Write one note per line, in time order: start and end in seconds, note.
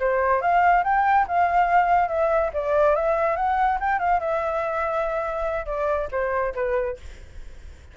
0.00 0.42 C5
0.42 0.84 F5
0.84 1.27 G5
1.28 2.09 F5
2.09 2.51 E5
2.54 2.96 D5
2.96 3.37 E5
3.37 3.79 F#5
3.80 3.99 G5
3.99 4.20 F5
4.20 5.66 E5
5.66 6.08 D5
6.12 6.54 C5
6.55 6.97 B4